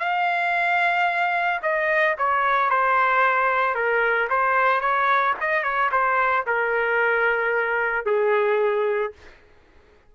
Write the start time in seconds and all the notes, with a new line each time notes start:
0.00 F5
1.63 D#5
2.18 C#5
2.70 C5
3.75 A#4
4.30 C5
4.81 C#5
5.41 D#5
5.63 C#5
5.92 C5
6.47 A#4
8.06 G#4